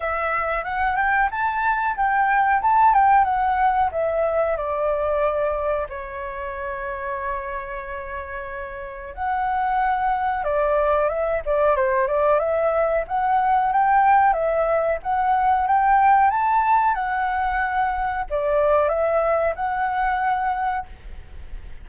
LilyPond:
\new Staff \with { instrumentName = "flute" } { \time 4/4 \tempo 4 = 92 e''4 fis''8 g''8 a''4 g''4 | a''8 g''8 fis''4 e''4 d''4~ | d''4 cis''2.~ | cis''2 fis''2 |
d''4 e''8 d''8 c''8 d''8 e''4 | fis''4 g''4 e''4 fis''4 | g''4 a''4 fis''2 | d''4 e''4 fis''2 | }